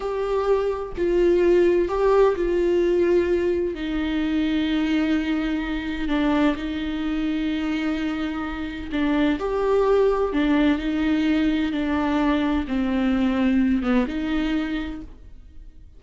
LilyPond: \new Staff \with { instrumentName = "viola" } { \time 4/4 \tempo 4 = 128 g'2 f'2 | g'4 f'2. | dis'1~ | dis'4 d'4 dis'2~ |
dis'2. d'4 | g'2 d'4 dis'4~ | dis'4 d'2 c'4~ | c'4. b8 dis'2 | }